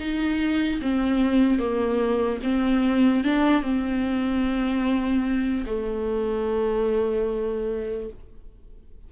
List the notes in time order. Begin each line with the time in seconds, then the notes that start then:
0.00 D#4
0.82 C4
1.60 A#3
2.43 C4
3.24 D4
3.63 C4
5.67 A3